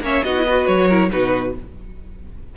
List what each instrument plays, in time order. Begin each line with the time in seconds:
0.00 cello A#3, viola C#4, violin C#5 E5
0.23 cello B3, viola D#4, violin F#4 D#5
0.36 viola E4
0.45 viola F#4, violin B4
0.66 cello F#3, violin C#5
0.87 viola E4, violin A#4
1.10 cello B2, viola D#4, violin F#4 B4